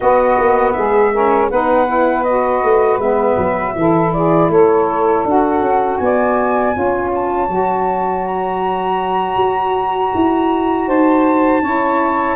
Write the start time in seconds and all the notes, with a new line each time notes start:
0.00 B3 F#4 D#5
0.38 A#3
0.72 G#3 G#4 E5
1.12 C#4 A#4
1.50 B3 D#4 B4 F#5
1.86 E4
2.23 F#4 D#5
2.63 A3
2.97 G#3 B3 E5
3.37 F#3
3.75 E3 E4 A4
4.12 G#4 D5
4.49 A3 A4 C#5
5.24 D4 F#4 F#5
5.61 C#4
5.97 B3 D5 G#5
6.72 C#4 F4 C#5
7.14 A5
7.48 F#3 F#4
8.25 A#5
9.36 F#4
10.14 E4
10.86 D#4 C5 A5
11.61 C#4 E4 C#5